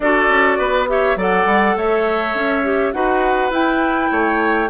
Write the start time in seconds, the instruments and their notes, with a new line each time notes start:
0.00 bassoon D4, clarinet F#4, oboe A4, flute D5
0.28 bassoon C#4
0.58 bassoon B3, oboe B4
0.87 clarinet G4, oboe C#5, flute E5
1.16 bassoon F#3, clarinet A4, oboe D5, flute F#5
1.45 bassoon G3
1.76 bassoon A3, oboe C#5, flute E5
2.34 bassoon C#4
2.64 clarinet G4
2.92 bassoon D#4, clarinet F#4, oboe B4, flute F#5
3.50 bassoon E4, clarinet E4, flute G5
4.11 bassoon A3, oboe C#5